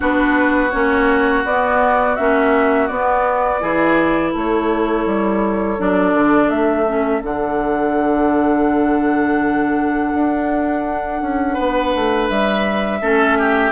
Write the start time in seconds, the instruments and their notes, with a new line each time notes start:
0.00 bassoon B3, clarinet D4, oboe F#4, flute B4
0.70 bassoon A#3, clarinet C#4, flute C#5
1.44 bassoon B3, clarinet B3, flute D5
2.15 bassoon A#3, clarinet C#4, flute E5
2.87 clarinet B3, bassoon B3, flute D5
3.59 bassoon E3, clarinet E4, oboe G#4
4.31 bassoon A3, oboe A4
4.37 flute C#5
5.05 bassoon G3
5.78 bassoon F#3, clarinet D4, flute D5
6.14 bassoon D3
6.49 bassoon A3, flute E5
6.87 clarinet C#4
7.21 bassoon D3, clarinet D4, flute F#5
10.13 bassoon D4
11.21 bassoon C#4
11.53 bassoon B3, oboe B4
11.95 bassoon A3
12.29 bassoon G3, flute E5
13.01 bassoon A3, clarinet C#4, oboe A4
13.38 oboe G4